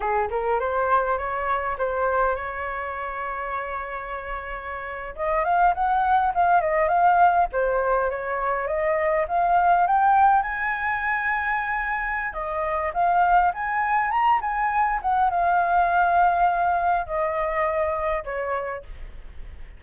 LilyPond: \new Staff \with { instrumentName = "flute" } { \time 4/4 \tempo 4 = 102 gis'8 ais'8 c''4 cis''4 c''4 | cis''1~ | cis''8. dis''8 f''8 fis''4 f''8 dis''8 f''16~ | f''8. c''4 cis''4 dis''4 f''16~ |
f''8. g''4 gis''2~ gis''16~ | gis''4 dis''4 f''4 gis''4 | ais''8 gis''4 fis''8 f''2~ | f''4 dis''2 cis''4 | }